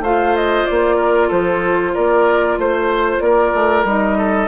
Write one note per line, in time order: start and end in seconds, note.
0.00 0.64 A3
0.00 3.87 F4
0.00 0.97 C5
0.00 0.36 F5
0.36 0.66 D#5
0.66 1.31 A#3
0.66 1.30 D5
0.97 1.28 A#4
1.28 1.95 F3
1.28 1.92 A4
1.28 1.95 C5
1.94 2.58 A#3
1.94 2.58 A#4
1.94 2.59 D5
2.58 3.20 A3
2.58 3.23 C5
2.58 3.21 C5
3.20 3.52 A#3
3.20 4.18 A#4
3.20 3.84 D5
3.54 3.84 A3
3.84 4.48 G3
3.84 4.48 D#4
3.84 4.48 D#5
4.18 4.48 A4